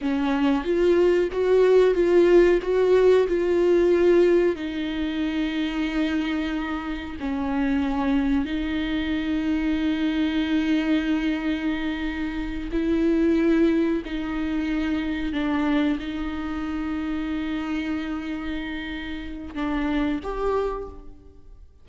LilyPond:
\new Staff \with { instrumentName = "viola" } { \time 4/4 \tempo 4 = 92 cis'4 f'4 fis'4 f'4 | fis'4 f'2 dis'4~ | dis'2. cis'4~ | cis'4 dis'2.~ |
dis'2.~ dis'8 e'8~ | e'4. dis'2 d'8~ | d'8 dis'2.~ dis'8~ | dis'2 d'4 g'4 | }